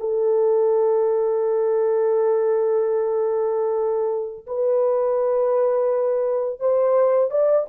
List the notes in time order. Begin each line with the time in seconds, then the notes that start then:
0.00 A4
4.47 B4
6.60 C5
7.31 D5